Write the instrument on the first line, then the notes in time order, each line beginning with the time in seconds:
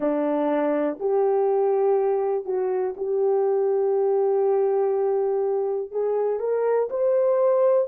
horn
0.00 D4
0.99 G4
2.45 F#4
2.96 G4
5.91 G#4
6.39 A#4
6.90 C5